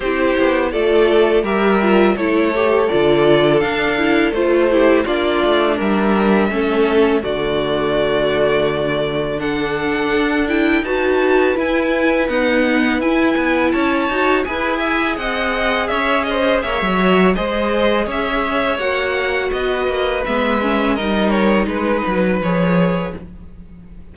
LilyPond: <<
  \new Staff \with { instrumentName = "violin" } { \time 4/4 \tempo 4 = 83 c''4 d''4 e''4 cis''4 | d''4 f''4 c''4 d''4 | e''2 d''2~ | d''4 fis''4. g''8 a''4 |
gis''4 fis''4 gis''4 a''4 | gis''4 fis''4 e''8 dis''8 e''4 | dis''4 e''4 fis''4 dis''4 | e''4 dis''8 cis''8 b'4 cis''4 | }
  \new Staff \with { instrumentName = "violin" } { \time 4/4 g'4 a'4 ais'4 a'4~ | a'2~ a'8 g'8 f'4 | ais'4 a'4 fis'2~ | fis'4 a'2 b'4~ |
b'2. cis''4 | b'8 e''8 dis''4 cis''8 c''8 cis''4 | c''4 cis''2 b'4~ | b'4 ais'4 b'2 | }
  \new Staff \with { instrumentName = "viola" } { \time 4/4 e'4 f'4 g'8 f'8 e'8 g'8 | f'4 d'8 e'8 f'8 e'8 d'4~ | d'4 cis'4 a2~ | a4 d'4. e'8 fis'4 |
e'4 b4 e'4. fis'8 | gis'2.~ gis'8 fis'8 | gis'2 fis'2 | b8 cis'8 dis'2 gis'4 | }
  \new Staff \with { instrumentName = "cello" } { \time 4/4 c'8 b8 a4 g4 a4 | d4 d'4 a4 ais8 a8 | g4 a4 d2~ | d2 d'4 dis'4 |
e'4 dis'4 e'8 b8 cis'8 dis'8 | e'4 c'4 cis'4 ais16 fis8. | gis4 cis'4 ais4 b8 ais8 | gis4 g4 gis8 fis8 f4 | }
>>